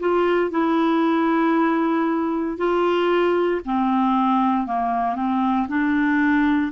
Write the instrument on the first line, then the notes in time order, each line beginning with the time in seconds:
clarinet
0.00 F4
0.51 E4
2.58 F4
3.65 C4
4.67 A#3
5.16 C4
5.68 D4